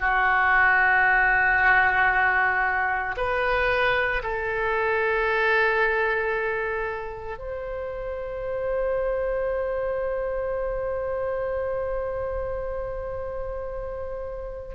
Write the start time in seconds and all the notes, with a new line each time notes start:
0.00 F#4
3.17 B4
4.23 A4
7.39 C5